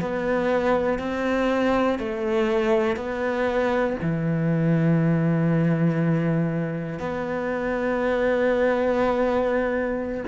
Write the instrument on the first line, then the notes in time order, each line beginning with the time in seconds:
cello
0.00 B3
0.99 C4
1.99 A3
2.96 B3
4.01 E3
6.99 B3